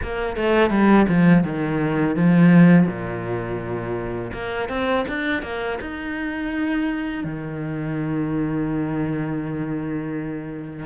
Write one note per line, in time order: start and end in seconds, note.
0.02 0.36 A#3
0.36 0.70 A3
0.70 1.06 G3
1.08 1.43 F3
1.43 2.16 D#3
2.16 2.87 F3
2.87 4.31 A#2
4.33 4.69 A#3
4.69 5.05 C4
5.08 5.42 D4
5.42 5.78 A#3
5.80 7.24 D#4
7.24 10.85 D#3